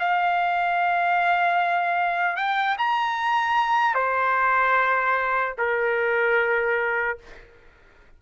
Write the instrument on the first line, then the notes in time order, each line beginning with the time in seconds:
trumpet
0.00 F5
2.37 G5
2.79 A#5
3.95 C5
5.59 A#4